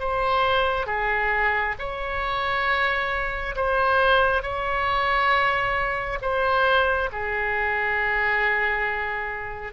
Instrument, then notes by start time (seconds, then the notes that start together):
oboe
0.00 C5
0.87 G#4
1.79 C#5
3.56 C5
4.43 C#5
6.22 C5
7.12 G#4